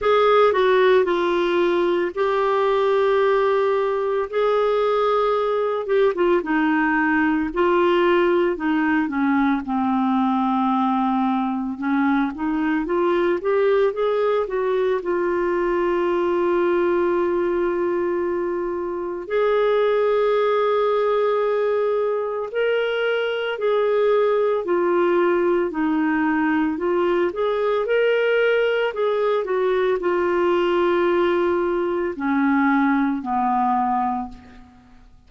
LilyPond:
\new Staff \with { instrumentName = "clarinet" } { \time 4/4 \tempo 4 = 56 gis'8 fis'8 f'4 g'2 | gis'4. g'16 f'16 dis'4 f'4 | dis'8 cis'8 c'2 cis'8 dis'8 | f'8 g'8 gis'8 fis'8 f'2~ |
f'2 gis'2~ | gis'4 ais'4 gis'4 f'4 | dis'4 f'8 gis'8 ais'4 gis'8 fis'8 | f'2 cis'4 b4 | }